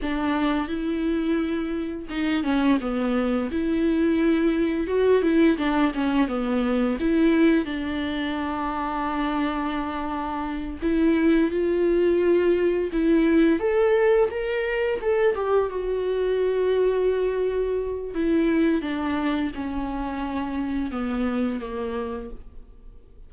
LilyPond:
\new Staff \with { instrumentName = "viola" } { \time 4/4 \tempo 4 = 86 d'4 e'2 dis'8 cis'8 | b4 e'2 fis'8 e'8 | d'8 cis'8 b4 e'4 d'4~ | d'2.~ d'8 e'8~ |
e'8 f'2 e'4 a'8~ | a'8 ais'4 a'8 g'8 fis'4.~ | fis'2 e'4 d'4 | cis'2 b4 ais4 | }